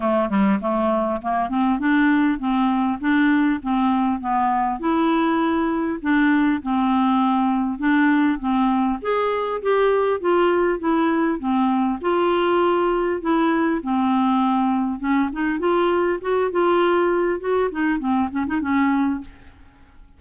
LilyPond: \new Staff \with { instrumentName = "clarinet" } { \time 4/4 \tempo 4 = 100 a8 g8 a4 ais8 c'8 d'4 | c'4 d'4 c'4 b4 | e'2 d'4 c'4~ | c'4 d'4 c'4 gis'4 |
g'4 f'4 e'4 c'4 | f'2 e'4 c'4~ | c'4 cis'8 dis'8 f'4 fis'8 f'8~ | f'4 fis'8 dis'8 c'8 cis'16 dis'16 cis'4 | }